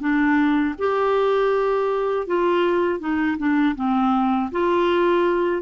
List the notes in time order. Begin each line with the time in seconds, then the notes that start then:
0.00 D4
0.79 G4
2.27 F4
3.00 D#4
3.38 D4
3.76 C4
4.52 F4